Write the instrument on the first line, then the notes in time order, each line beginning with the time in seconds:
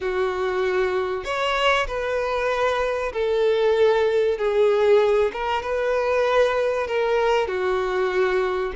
violin
0.01 F#4
1.24 C#5
1.87 B4
3.12 A4
4.38 G#4
5.32 A#4
5.62 B4
6.87 A#4
7.47 F#4